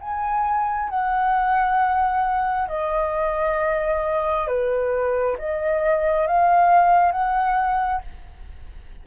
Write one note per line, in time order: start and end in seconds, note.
0.00 0.89 G#5
0.89 2.68 F#5
2.68 4.47 D#5
4.47 5.36 B4
5.38 6.26 D#5
6.26 7.12 F5
7.12 8.01 F#5